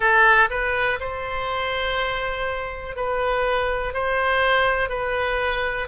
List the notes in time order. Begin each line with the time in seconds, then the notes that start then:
0.00 A4
0.50 B4
1.00 C5
2.96 B4
3.93 C5
4.89 B4